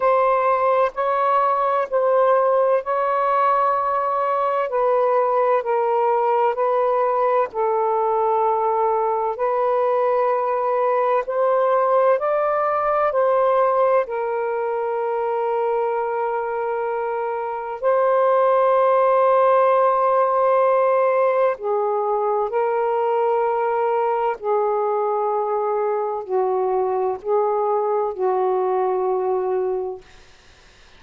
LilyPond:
\new Staff \with { instrumentName = "saxophone" } { \time 4/4 \tempo 4 = 64 c''4 cis''4 c''4 cis''4~ | cis''4 b'4 ais'4 b'4 | a'2 b'2 | c''4 d''4 c''4 ais'4~ |
ais'2. c''4~ | c''2. gis'4 | ais'2 gis'2 | fis'4 gis'4 fis'2 | }